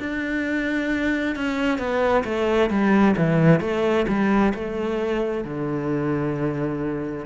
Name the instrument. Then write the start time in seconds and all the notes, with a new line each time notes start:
cello
0.00 D4
1.36 C#4
1.79 B3
2.25 A3
2.70 G3
3.17 E3
3.61 A3
4.08 G3
4.55 A3
5.45 D3